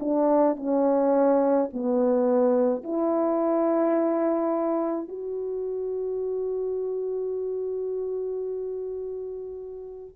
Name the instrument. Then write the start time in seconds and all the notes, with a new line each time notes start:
horn
0.00 D4
0.56 C#4
1.73 B3
2.84 E4
5.08 F#4